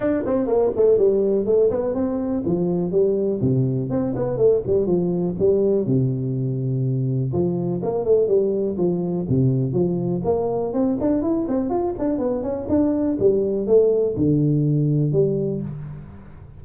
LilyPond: \new Staff \with { instrumentName = "tuba" } { \time 4/4 \tempo 4 = 123 d'8 c'8 ais8 a8 g4 a8 b8 | c'4 f4 g4 c4 | c'8 b8 a8 g8 f4 g4 | c2. f4 |
ais8 a8 g4 f4 c4 | f4 ais4 c'8 d'8 e'8 c'8 | f'8 d'8 b8 cis'8 d'4 g4 | a4 d2 g4 | }